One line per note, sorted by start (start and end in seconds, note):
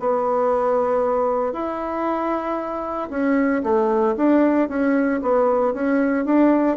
0.00 1.53 B3
1.53 3.10 E4
3.11 3.63 C#4
3.64 4.16 A3
4.17 4.69 D4
4.69 5.21 C#4
5.22 5.74 B3
5.74 6.26 C#4
6.26 6.78 D4